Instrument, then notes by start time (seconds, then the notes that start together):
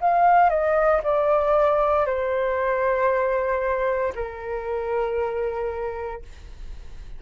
flute
0.00 F5
0.49 D#5
1.03 D5
2.06 C5
4.15 A#4